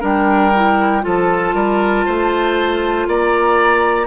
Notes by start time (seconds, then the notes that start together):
0.00 G3 D4 A#4 G5
0.55 E4
1.01 F3 F4 A4 A5
1.54 G3 A#4
2.06 A3 C5
3.07 A#3 D5 A#5